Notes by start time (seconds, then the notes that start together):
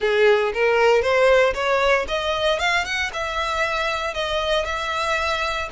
0.00 G#4
0.53 A#4
1.02 C5
1.54 C#5
2.07 D#5
2.59 F5
2.84 F#5
3.13 E5
4.14 D#5
4.65 E5